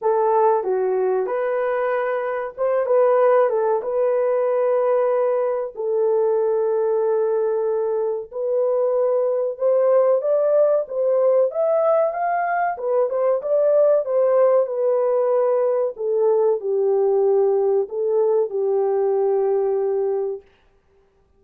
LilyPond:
\new Staff \with { instrumentName = "horn" } { \time 4/4 \tempo 4 = 94 a'4 fis'4 b'2 | c''8 b'4 a'8 b'2~ | b'4 a'2.~ | a'4 b'2 c''4 |
d''4 c''4 e''4 f''4 | b'8 c''8 d''4 c''4 b'4~ | b'4 a'4 g'2 | a'4 g'2. | }